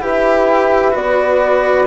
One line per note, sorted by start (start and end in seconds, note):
0.00 0.94 E4
0.00 0.91 G4
0.00 1.87 B4
0.00 0.96 E5
0.91 1.87 B3
0.91 1.85 F#4
0.91 1.87 D5